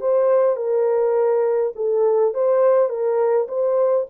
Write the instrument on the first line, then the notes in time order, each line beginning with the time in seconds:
horn
0.00 C5
0.56 A#4
1.75 A4
2.34 C5
2.89 A#4
3.48 C5